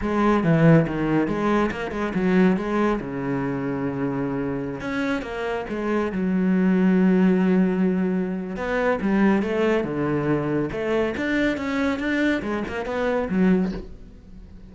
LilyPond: \new Staff \with { instrumentName = "cello" } { \time 4/4 \tempo 4 = 140 gis4 e4 dis4 gis4 | ais8 gis8 fis4 gis4 cis4~ | cis2.~ cis16 cis'8.~ | cis'16 ais4 gis4 fis4.~ fis16~ |
fis1 | b4 g4 a4 d4~ | d4 a4 d'4 cis'4 | d'4 gis8 ais8 b4 fis4 | }